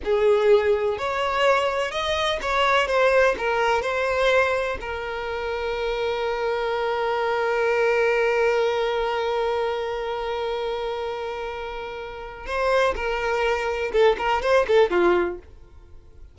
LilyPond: \new Staff \with { instrumentName = "violin" } { \time 4/4 \tempo 4 = 125 gis'2 cis''2 | dis''4 cis''4 c''4 ais'4 | c''2 ais'2~ | ais'1~ |
ais'1~ | ais'1~ | ais'2 c''4 ais'4~ | ais'4 a'8 ais'8 c''8 a'8 f'4 | }